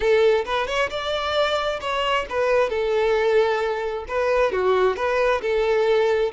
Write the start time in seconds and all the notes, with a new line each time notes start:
0.00 A4
0.45 B4
0.67 C#5
0.89 D5
1.80 C#5
2.29 B4
2.69 A4
4.08 B4
4.51 F#4
4.96 B4
5.41 A4